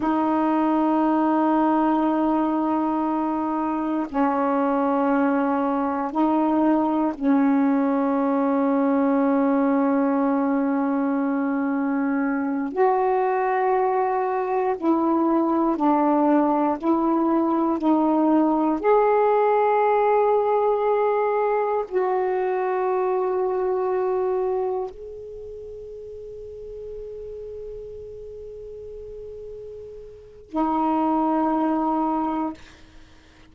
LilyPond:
\new Staff \with { instrumentName = "saxophone" } { \time 4/4 \tempo 4 = 59 dis'1 | cis'2 dis'4 cis'4~ | cis'1~ | cis'8 fis'2 e'4 d'8~ |
d'8 e'4 dis'4 gis'4.~ | gis'4. fis'2~ fis'8~ | fis'8 gis'2.~ gis'8~ | gis'2 dis'2 | }